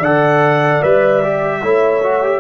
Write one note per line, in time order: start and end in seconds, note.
0.00 0.80 D3
0.00 0.83 A4
0.00 1.60 D5
0.00 0.83 F#5
0.83 1.63 G3
0.83 1.23 B4
0.83 2.40 E5
1.24 1.62 G4
1.62 2.40 A3
1.62 2.02 E4
1.62 2.40 C#5
2.03 2.23 F#4
2.23 2.40 G4